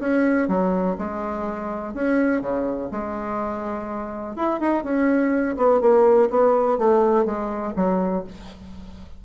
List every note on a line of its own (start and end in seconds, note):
0.00 0.48 C#4
0.49 0.97 F#3
0.99 1.94 G#3
1.94 2.42 C#4
2.42 2.90 C#3
2.92 4.36 G#3
4.36 4.60 E4
4.60 4.84 D#4
4.84 5.57 C#4
5.57 5.81 B3
5.81 6.29 A#3
6.30 6.78 B3
6.78 7.26 A3
7.26 7.74 G#3
7.76 8.25 F#3